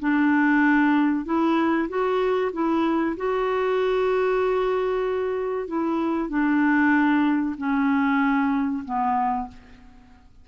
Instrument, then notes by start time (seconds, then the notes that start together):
clarinet
0.00 D4
1.25 E4
1.89 F#4
2.53 E4
3.17 F#4
5.68 E4
6.30 D4
7.58 C#4
8.85 B3